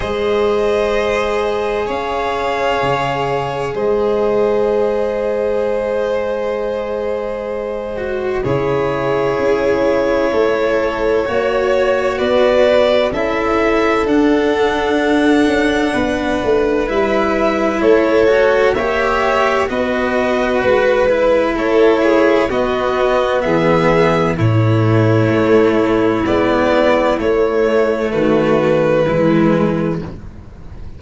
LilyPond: <<
  \new Staff \with { instrumentName = "violin" } { \time 4/4 \tempo 4 = 64 dis''2 f''2 | dis''1~ | dis''4 cis''2.~ | cis''4 d''4 e''4 fis''4~ |
fis''2 e''4 cis''4 | e''4 dis''4 b'4 cis''4 | dis''4 e''4 cis''2 | d''4 cis''4 b'2 | }
  \new Staff \with { instrumentName = "violin" } { \time 4/4 c''2 cis''2 | c''1~ | c''4 gis'2 a'4 | cis''4 b'4 a'2~ |
a'4 b'2 a'4 | cis''4 b'2 a'8 gis'8 | fis'4 gis'4 e'2~ | e'2 fis'4 e'4 | }
  \new Staff \with { instrumentName = "cello" } { \time 4/4 gis'1~ | gis'1~ | gis'8 fis'8 e'2. | fis'2 e'4 d'4~ |
d'2 e'4. fis'8 | g'4 fis'4. e'4. | b2 a2 | b4 a2 gis4 | }
  \new Staff \with { instrumentName = "tuba" } { \time 4/4 gis2 cis'4 cis4 | gis1~ | gis4 cis4 cis'4 a4 | ais4 b4 cis'4 d'4~ |
d'8 cis'8 b8 a8 g4 a4 | ais4 b4 gis4 a4 | b4 e4 a,4 a4 | gis4 a4 dis4 e4 | }
>>